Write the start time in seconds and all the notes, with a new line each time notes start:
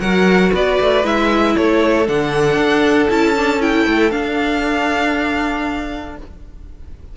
0.00 F#3 F#4 A#4 F#5
0.54 B3 B4 D5
0.80 A3
1.04 G#3 E4 E5
1.56 A3 A4 C#5
2.07 D3 D4 F#5
2.57 D4
3.10 C#4 E4 A5
3.36 D4
3.60 E4 G5
3.86 A3
4.12 D4 F5